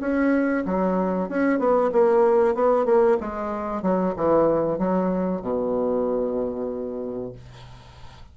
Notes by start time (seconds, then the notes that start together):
0.00 C#4
0.65 F#3
1.29 C#4
1.59 B3
1.92 A#3
2.54 B3
2.85 A#3
3.20 G#3
3.82 F#3
4.16 E3
4.78 F#3
5.41 B2